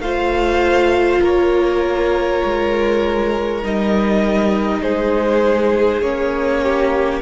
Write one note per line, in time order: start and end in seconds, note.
0.00 1.20 A3
0.00 3.63 F4
0.00 1.21 C5
0.00 1.21 F5
1.21 2.43 A#3
1.21 4.81 A#4
1.21 3.65 C#5
2.45 3.64 G#3
3.63 4.82 G3
3.63 6.03 D#4
3.63 4.83 D#5
4.82 6.02 G#3
4.82 6.63 G#4
4.82 6.03 C5
6.02 7.22 A#3
6.02 7.22 C#4
6.02 7.22 C#5
6.63 7.22 G4